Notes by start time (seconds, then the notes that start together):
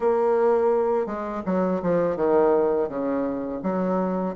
0.00 A#3
1.06 G#3
1.45 F#3
1.82 F3
2.16 D#3
2.88 C#3
3.62 F#3